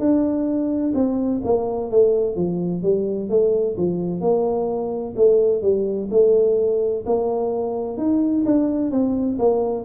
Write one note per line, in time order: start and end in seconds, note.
0.00 0.94 D4
0.95 1.42 C4
1.44 1.91 A#3
1.91 2.37 A3
2.37 2.83 F3
2.83 3.30 G3
3.30 3.77 A3
3.78 4.21 F3
4.21 5.15 A#3
5.16 5.62 A3
5.62 6.09 G3
6.11 7.05 A3
7.06 7.98 A#3
7.98 8.45 D#4
8.46 8.91 D4
8.91 9.38 C4
9.39 9.85 A#3